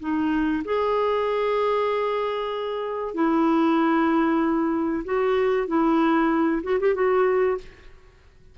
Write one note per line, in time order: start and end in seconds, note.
0.00 0.63 D#4
0.65 3.14 G#4
3.14 5.04 E4
5.05 5.68 F#4
5.68 6.62 E4
6.63 6.79 F#4
6.80 6.95 G4
6.95 7.58 F#4